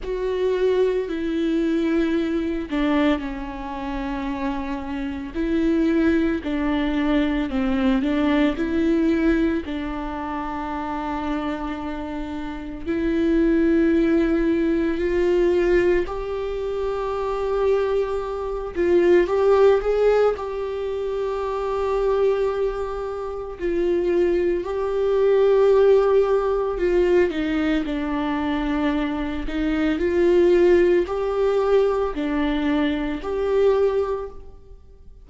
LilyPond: \new Staff \with { instrumentName = "viola" } { \time 4/4 \tempo 4 = 56 fis'4 e'4. d'8 cis'4~ | cis'4 e'4 d'4 c'8 d'8 | e'4 d'2. | e'2 f'4 g'4~ |
g'4. f'8 g'8 gis'8 g'4~ | g'2 f'4 g'4~ | g'4 f'8 dis'8 d'4. dis'8 | f'4 g'4 d'4 g'4 | }